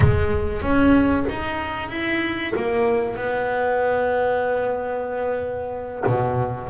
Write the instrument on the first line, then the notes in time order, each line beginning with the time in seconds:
double bass
0.00 G#3
0.62 C#4
1.29 D#4
1.89 E4
2.55 A#3
3.16 B3
6.06 B2